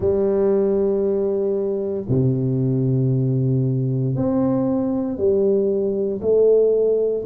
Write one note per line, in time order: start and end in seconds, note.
0.00 2.06 G3
2.08 4.15 C3
4.15 5.17 C4
5.17 6.21 G3
6.21 7.24 A3